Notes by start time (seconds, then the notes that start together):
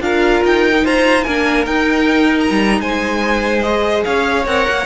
0.00 D4 F4 A#4 F5
0.44 D#4 G5
0.74 D#4
0.84 F4 C5 A#5
1.23 A#3 D4 A#4 G#5
1.66 D#4 G5
2.40 A#5
2.50 G3
2.80 G#3 C5 G#5
3.62 G#4 D#5
4.04 C#4 C#5 F5
4.46 C4 A#4 F#5
4.69 A#3